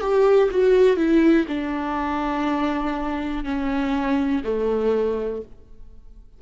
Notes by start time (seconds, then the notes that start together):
0.00 G4
0.51 F#4
0.96 E4
1.48 D4
3.44 C#4
4.43 A3